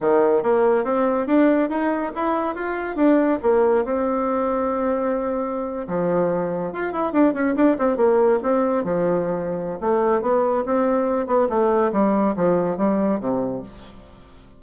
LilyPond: \new Staff \with { instrumentName = "bassoon" } { \time 4/4 \tempo 4 = 141 dis4 ais4 c'4 d'4 | dis'4 e'4 f'4 d'4 | ais4 c'2.~ | c'4.~ c'16 f2 f'16~ |
f'16 e'8 d'8 cis'8 d'8 c'8 ais4 c'16~ | c'8. f2~ f16 a4 | b4 c'4. b8 a4 | g4 f4 g4 c4 | }